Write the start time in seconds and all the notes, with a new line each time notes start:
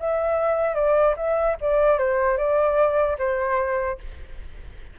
0.00 E5
0.75 D5
1.17 E5
1.61 D5
1.99 C5
2.37 D5
3.19 C5